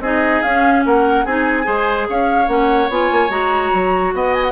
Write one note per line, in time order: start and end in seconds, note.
0.00 0.41 C4
0.00 0.45 D#4
0.00 0.85 G#4
0.00 0.42 D#5
0.42 0.86 C#4
0.42 1.27 C#4
0.42 0.83 F5
0.86 1.25 A#3
0.86 1.25 A#4
0.86 1.26 F#5
1.25 1.66 C4
1.25 1.64 D#4
1.25 1.66 G#4
1.25 2.08 G#5
1.64 2.08 G#3
1.64 2.46 G#4
1.64 2.07 C5
2.09 2.48 C#4
2.09 4.15 C#5
2.09 2.48 F5
2.48 2.89 A#3
2.48 2.90 C#4
2.48 2.89 F#5
2.89 3.10 B3
2.89 3.30 F4
2.89 3.31 G#5
3.12 3.29 A#3
3.29 3.71 G#3
3.29 4.52 F#4
3.29 4.13 A#5
3.73 4.13 F#3
4.13 4.52 B3
4.13 4.52 D#5
4.13 4.34 F#5
4.34 4.43 G#5
4.43 4.52 F#5